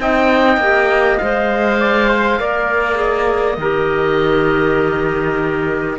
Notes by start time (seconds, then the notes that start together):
0.00 C4 D#4 D#5 G5
0.57 A#3 G4
1.18 G#3 C5 F5
1.80 D5
2.09 C5
2.40 A#3 A#4 D5
2.95 G#4 D#5
3.58 D#3 G4 A#4